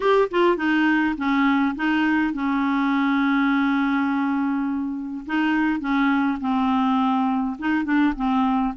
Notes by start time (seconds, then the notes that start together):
0.00 G4
0.30 F4
0.57 D#4
1.17 C#4
1.75 D#4
2.33 C#4
5.26 D#4
5.80 C#4
6.40 C4
7.58 D#4
7.84 D4
8.15 C4